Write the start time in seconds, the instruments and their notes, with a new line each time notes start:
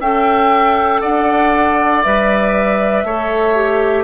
0.00 bassoon C#4, clarinet A4, oboe E5, flute G5
1.01 bassoon D4, oboe D5, flute F#5
2.04 bassoon G3, clarinet B4, flute E5
3.04 bassoon A3, clarinet A4, oboe C#5
3.55 clarinet G4